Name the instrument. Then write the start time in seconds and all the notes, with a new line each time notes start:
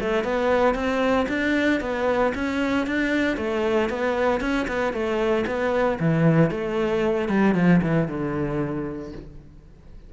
cello
0.00 A3
0.23 B3
0.74 C4
1.28 D4
1.80 B3
2.34 C#4
2.86 D4
3.37 A3
3.89 B3
4.40 C#4
4.68 B3
4.93 A3
5.46 B3
6.00 E3
6.50 A3
7.29 G3
7.54 F3
7.82 E3
8.08 D3